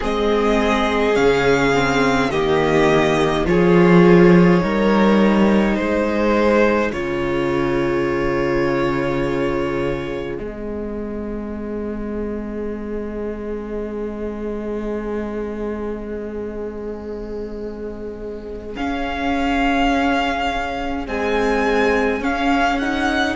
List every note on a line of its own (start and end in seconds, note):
0.00 1.16 G#3
0.00 1.13 C4
0.00 2.28 G#4
0.00 1.15 D#5
1.13 2.31 C#3
1.13 1.71 C#4
1.13 2.30 F5
1.74 2.31 C4
2.30 3.46 D#3
2.30 3.46 A#3
2.30 3.46 G4
2.30 3.45 D#5
3.46 4.61 F3
3.46 4.61 F4
3.46 4.62 G#4
3.46 5.75 C#5
4.61 5.78 G3
4.61 6.91 D#4
4.61 5.77 A#4
5.75 6.92 G#3
5.75 23.36 G#4
5.75 6.91 C5
6.92 10.38 C#3
6.92 10.39 F4
6.92 10.37 C#5
10.37 18.75 G#3
10.37 18.75 C4
10.37 18.73 D#5
18.76 21.06 C#4
18.76 21.07 C#4
18.76 21.06 F5
21.06 22.21 G#3
21.06 22.20 C4
21.06 22.23 G#5
22.20 23.36 C#4
22.20 22.79 C#4
22.20 22.78 F5
22.78 23.36 D#4
22.78 23.36 F#5